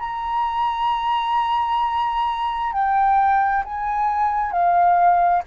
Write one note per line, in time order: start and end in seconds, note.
0.00 2.73 A#5
2.73 3.64 G5
3.64 4.52 G#5
4.52 5.43 F5